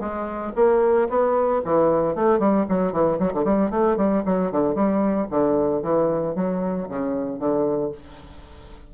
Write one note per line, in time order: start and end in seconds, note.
0.00 0.53 G#3
0.56 1.09 A#3
1.09 1.62 B3
1.65 2.15 E3
2.15 2.39 A3
2.39 2.66 G3
2.69 2.93 F#3
2.93 3.19 E3
3.19 3.33 F#3
3.34 3.44 D3
3.44 3.71 G3
3.71 3.97 A3
3.97 4.23 G3
4.25 4.52 F#3
4.52 4.75 D3
4.75 5.28 G3
5.31 5.83 D3
5.83 6.35 E3
6.36 6.88 F#3
6.89 7.39 C#3
7.39 7.92 D3